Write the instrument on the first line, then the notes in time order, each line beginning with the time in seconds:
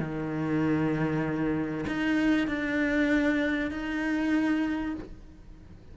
cello
0.00 D#3
1.87 D#4
2.48 D4
3.71 D#4